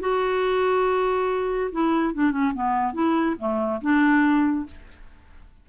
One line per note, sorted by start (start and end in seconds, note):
0.00 1.70 F#4
1.72 2.14 E4
2.14 2.31 D4
2.31 2.52 C#4
2.54 2.93 B3
2.93 3.35 E4
3.38 3.81 A3
3.81 4.66 D4